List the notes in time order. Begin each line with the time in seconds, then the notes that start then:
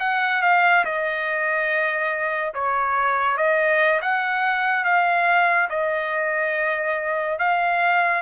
0.00 F#5
0.43 F5
0.85 D#5
2.55 C#5
3.38 D#5
4.02 F#5
4.85 F5
5.70 D#5
7.39 F5